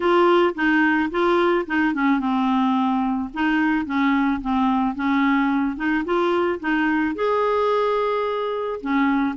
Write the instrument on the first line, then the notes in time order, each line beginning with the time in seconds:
clarinet
0.00 F4
0.54 D#4
1.10 F4
1.66 D#4
1.93 C#4
2.19 C4
3.33 D#4
3.85 C#4
4.41 C4
4.95 C#4
5.76 D#4
6.04 F4
6.60 D#4
7.15 G#4
8.80 C#4